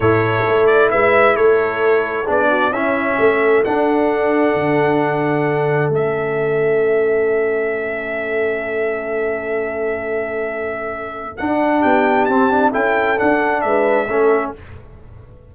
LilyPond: <<
  \new Staff \with { instrumentName = "trumpet" } { \time 4/4 \tempo 4 = 132 cis''4. d''8 e''4 cis''4~ | cis''4 d''4 e''2 | fis''1~ | fis''4 e''2.~ |
e''1~ | e''1~ | e''4 fis''4 g''4 a''4 | g''4 fis''4 e''2 | }
  \new Staff \with { instrumentName = "horn" } { \time 4/4 a'2 b'4 a'4~ | a'4 gis'8 fis'8 e'4 a'4~ | a'1~ | a'1~ |
a'1~ | a'1~ | a'2 g'2 | a'2 b'4 a'4 | }
  \new Staff \with { instrumentName = "trombone" } { \time 4/4 e'1~ | e'4 d'4 cis'2 | d'1~ | d'4 cis'2.~ |
cis'1~ | cis'1~ | cis'4 d'2 c'8 d'8 | e'4 d'2 cis'4 | }
  \new Staff \with { instrumentName = "tuba" } { \time 4/4 a,4 a4 gis4 a4~ | a4 b4 cis'4 a4 | d'2 d2~ | d4 a2.~ |
a1~ | a1~ | a4 d'4 b4 c'4 | cis'4 d'4 gis4 a4 | }
>>